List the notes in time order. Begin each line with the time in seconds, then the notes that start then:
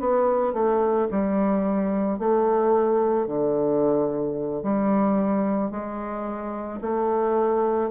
0.00 B3
0.54 A3
1.11 G3
2.19 A3
3.27 D3
4.63 G3
5.71 G#3
6.81 A3